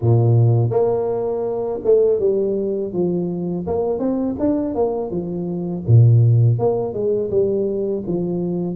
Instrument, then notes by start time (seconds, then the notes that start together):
tuba
0.01 A#2
0.70 A#3
1.84 A3
2.19 G3
2.93 F3
3.67 A#3
3.99 C4
4.39 D4
4.75 A#3
5.11 F3
5.87 A#2
6.58 A#3
6.93 G#3
7.30 G3
8.07 F3